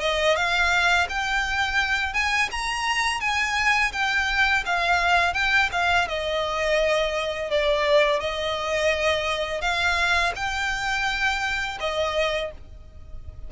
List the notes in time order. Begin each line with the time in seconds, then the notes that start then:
0.00 D#5
0.35 F5
1.09 G5
2.13 G#5
2.51 A#5
3.20 G#5
3.92 G5
4.65 F5
5.33 G5
5.72 F5
6.08 D#5
7.50 D5
8.19 D#5
9.61 F5
10.35 G5
11.80 D#5